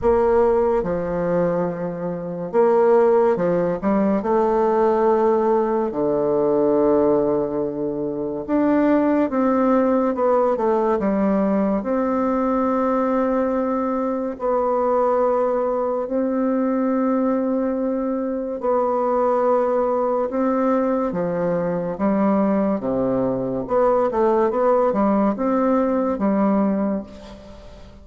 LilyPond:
\new Staff \with { instrumentName = "bassoon" } { \time 4/4 \tempo 4 = 71 ais4 f2 ais4 | f8 g8 a2 d4~ | d2 d'4 c'4 | b8 a8 g4 c'2~ |
c'4 b2 c'4~ | c'2 b2 | c'4 f4 g4 c4 | b8 a8 b8 g8 c'4 g4 | }